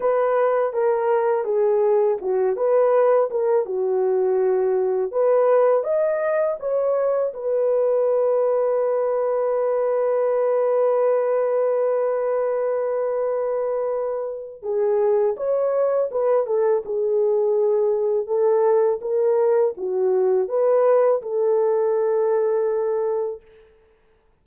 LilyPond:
\new Staff \with { instrumentName = "horn" } { \time 4/4 \tempo 4 = 82 b'4 ais'4 gis'4 fis'8 b'8~ | b'8 ais'8 fis'2 b'4 | dis''4 cis''4 b'2~ | b'1~ |
b'1 | gis'4 cis''4 b'8 a'8 gis'4~ | gis'4 a'4 ais'4 fis'4 | b'4 a'2. | }